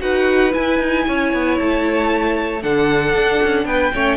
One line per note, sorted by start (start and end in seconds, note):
0.00 0.54 D#4
0.00 0.51 F#4
0.00 1.07 B4
0.00 0.53 F#5
0.51 2.60 E4
0.51 0.79 E4
0.51 1.59 G#5
0.79 1.05 D#4
1.07 1.34 C#4
1.07 2.63 C#5
1.34 1.60 B3
1.59 2.64 A3
1.59 2.63 A5
2.63 3.14 D3
2.63 3.93 D4
2.63 3.67 A4
2.63 3.66 F#5
3.14 3.41 D4
3.43 3.66 C#4
3.66 3.92 B3
3.66 3.94 B4
3.66 4.18 G5
3.94 4.18 A3
3.94 4.18 C#4
3.94 4.18 C#5